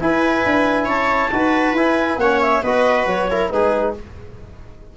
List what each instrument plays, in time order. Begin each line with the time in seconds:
0.00 trombone E4, tuba E4, viola B4, clarinet G#5
0.46 tuba D4
0.85 tuba C#4, viola C#5, clarinet A5
1.32 tuba D#4, trombone F#4, viola B4
1.73 tuba E4, trombone E4, clarinet G#5
2.17 tuba A#3, trombone C#4, viola C#5, clarinet F#5
2.41 clarinet E5
2.63 tuba B3, trombone F#4, viola B4, clarinet D#5
3.06 tuba F#3, clarinet C#5
3.31 trombone E4, viola A#4
3.50 tuba G#3, trombone D#4, viola G#4, clarinet B4